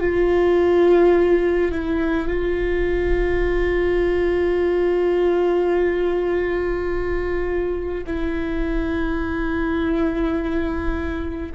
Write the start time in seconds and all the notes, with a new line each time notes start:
0.00 F4
1.72 E4
2.28 F4
8.06 E4